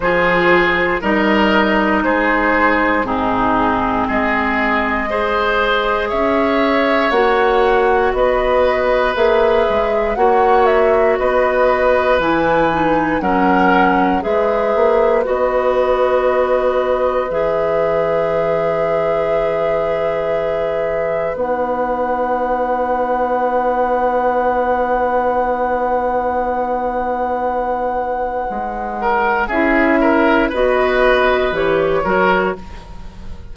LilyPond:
<<
  \new Staff \with { instrumentName = "flute" } { \time 4/4 \tempo 4 = 59 c''4 dis''4 c''4 gis'4 | dis''2 e''4 fis''4 | dis''4 e''4 fis''8 e''8 dis''4 | gis''4 fis''4 e''4 dis''4~ |
dis''4 e''2.~ | e''4 fis''2.~ | fis''1~ | fis''4 e''4 dis''4 cis''4 | }
  \new Staff \with { instrumentName = "oboe" } { \time 4/4 gis'4 ais'4 gis'4 dis'4 | gis'4 c''4 cis''2 | b'2 cis''4 b'4~ | b'4 ais'4 b'2~ |
b'1~ | b'1~ | b'1~ | b'8 ais'8 gis'8 ais'8 b'4. ais'8 | }
  \new Staff \with { instrumentName = "clarinet" } { \time 4/4 f'4 dis'2 c'4~ | c'4 gis'2 fis'4~ | fis'4 gis'4 fis'2 | e'8 dis'8 cis'4 gis'4 fis'4~ |
fis'4 gis'2.~ | gis'4 dis'2.~ | dis'1~ | dis'4 e'4 fis'4 g'8 fis'8 | }
  \new Staff \with { instrumentName = "bassoon" } { \time 4/4 f4 g4 gis4 gis,4 | gis2 cis'4 ais4 | b4 ais8 gis8 ais4 b4 | e4 fis4 gis8 ais8 b4~ |
b4 e2.~ | e4 b2.~ | b1 | gis4 cis'4 b4 e8 fis8 | }
>>